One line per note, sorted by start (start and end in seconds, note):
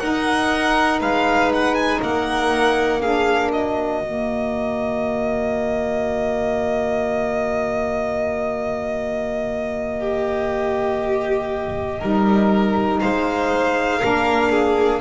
0.00 3.00 D#4
0.00 1.01 D#4
0.00 1.01 A#4
0.00 1.00 F#5
1.01 2.01 G#3
1.01 2.01 B4
1.01 1.52 F5
1.54 1.75 F#5
1.75 2.00 G#5
2.02 4.01 A#3
2.02 3.01 A#4
2.02 3.02 F#5
3.01 4.03 D4
3.01 3.51 G#4
3.01 3.52 F5
3.51 10.00 F#4
3.51 13.00 D#5
4.01 12.01 D#3
4.01 12.02 A#3
10.00 12.00 G4
12.00 13.02 G3
12.00 14.01 D#4
12.00 13.00 A#4
13.00 14.03 G#3
13.00 13.99 C5
13.00 15.00 F5
13.99 15.02 A#3
13.99 15.01 D4
13.99 14.49 A#4
14.51 15.01 G#4